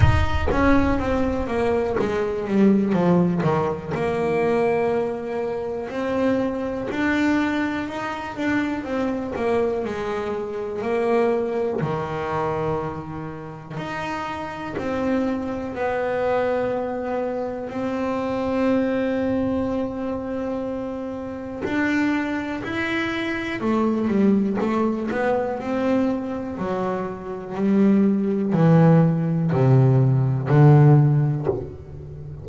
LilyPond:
\new Staff \with { instrumentName = "double bass" } { \time 4/4 \tempo 4 = 61 dis'8 cis'8 c'8 ais8 gis8 g8 f8 dis8 | ais2 c'4 d'4 | dis'8 d'8 c'8 ais8 gis4 ais4 | dis2 dis'4 c'4 |
b2 c'2~ | c'2 d'4 e'4 | a8 g8 a8 b8 c'4 fis4 | g4 e4 c4 d4 | }